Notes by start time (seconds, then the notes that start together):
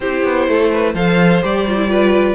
0.00 C4 E4 G4 C5
0.23 B3
0.47 A3 A4
0.72 B4
0.94 F3 A4 C5 F5
1.42 G3 G4 D5
1.67 F4
1.76 E4
1.87 F4 B4